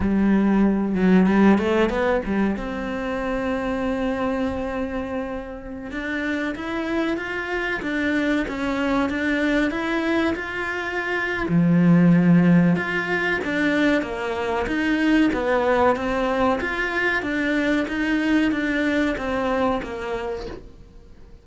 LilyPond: \new Staff \with { instrumentName = "cello" } { \time 4/4 \tempo 4 = 94 g4. fis8 g8 a8 b8 g8 | c'1~ | c'4~ c'16 d'4 e'4 f'8.~ | f'16 d'4 cis'4 d'4 e'8.~ |
e'16 f'4.~ f'16 f2 | f'4 d'4 ais4 dis'4 | b4 c'4 f'4 d'4 | dis'4 d'4 c'4 ais4 | }